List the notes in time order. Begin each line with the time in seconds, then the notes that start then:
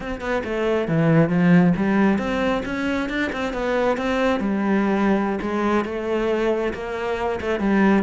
0.00 C4
0.20 B3
0.44 A3
0.88 E3
1.29 F3
1.76 G3
2.18 C4
2.65 C#4
3.09 D4
3.32 C4
3.53 B3
3.97 C4
4.40 G3
5.41 G#3
5.85 A3
6.73 A#3
7.40 A3
7.59 G3